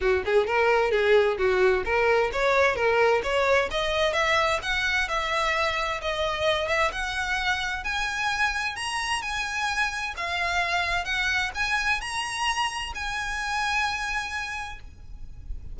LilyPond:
\new Staff \with { instrumentName = "violin" } { \time 4/4 \tempo 4 = 130 fis'8 gis'8 ais'4 gis'4 fis'4 | ais'4 cis''4 ais'4 cis''4 | dis''4 e''4 fis''4 e''4~ | e''4 dis''4. e''8 fis''4~ |
fis''4 gis''2 ais''4 | gis''2 f''2 | fis''4 gis''4 ais''2 | gis''1 | }